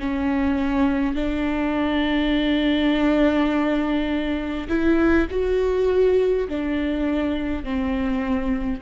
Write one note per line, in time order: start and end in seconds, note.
0.00 1.15 C#4
1.15 4.68 D4
4.69 5.28 E4
5.30 6.48 F#4
6.49 7.64 D4
7.64 8.82 C4